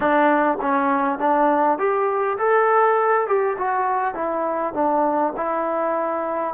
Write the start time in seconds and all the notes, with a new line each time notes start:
0.00 D4
0.61 C#4
1.19 D4
1.78 G4
2.38 A4
3.27 G4
3.58 F#4
4.14 E4
4.73 D4
5.36 E4